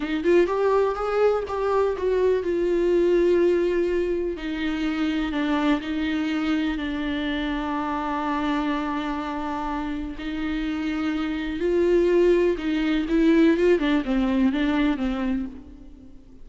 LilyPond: \new Staff \with { instrumentName = "viola" } { \time 4/4 \tempo 4 = 124 dis'8 f'8 g'4 gis'4 g'4 | fis'4 f'2.~ | f'4 dis'2 d'4 | dis'2 d'2~ |
d'1~ | d'4 dis'2. | f'2 dis'4 e'4 | f'8 d'8 c'4 d'4 c'4 | }